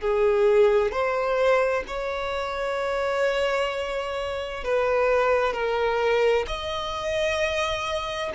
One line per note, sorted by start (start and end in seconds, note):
0.00 0.91 G#4
0.91 1.83 C5
1.87 4.64 C#5
4.64 5.53 B4
5.53 6.45 A#4
6.47 8.32 D#5